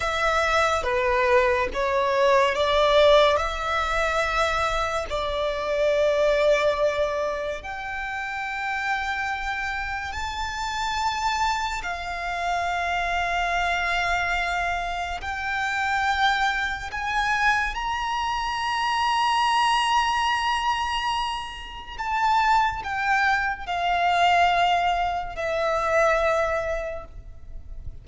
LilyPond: \new Staff \with { instrumentName = "violin" } { \time 4/4 \tempo 4 = 71 e''4 b'4 cis''4 d''4 | e''2 d''2~ | d''4 g''2. | a''2 f''2~ |
f''2 g''2 | gis''4 ais''2.~ | ais''2 a''4 g''4 | f''2 e''2 | }